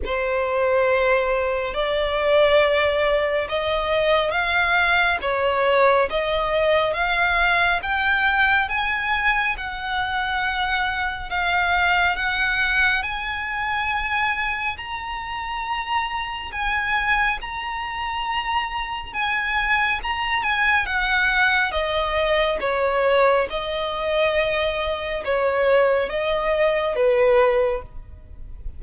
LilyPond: \new Staff \with { instrumentName = "violin" } { \time 4/4 \tempo 4 = 69 c''2 d''2 | dis''4 f''4 cis''4 dis''4 | f''4 g''4 gis''4 fis''4~ | fis''4 f''4 fis''4 gis''4~ |
gis''4 ais''2 gis''4 | ais''2 gis''4 ais''8 gis''8 | fis''4 dis''4 cis''4 dis''4~ | dis''4 cis''4 dis''4 b'4 | }